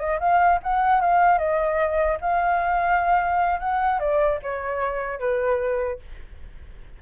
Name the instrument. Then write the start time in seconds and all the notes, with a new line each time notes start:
flute
0.00 D#5
0.20 F5
0.64 F#5
1.01 F5
1.39 D#5
2.21 F5
3.60 F#5
4.00 D5
4.43 C#5
5.20 B4